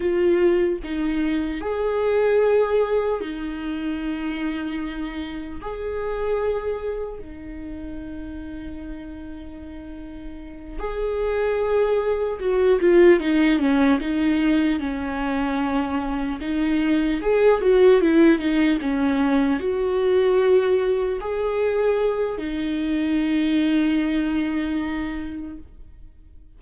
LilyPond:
\new Staff \with { instrumentName = "viola" } { \time 4/4 \tempo 4 = 75 f'4 dis'4 gis'2 | dis'2. gis'4~ | gis'4 dis'2.~ | dis'4. gis'2 fis'8 |
f'8 dis'8 cis'8 dis'4 cis'4.~ | cis'8 dis'4 gis'8 fis'8 e'8 dis'8 cis'8~ | cis'8 fis'2 gis'4. | dis'1 | }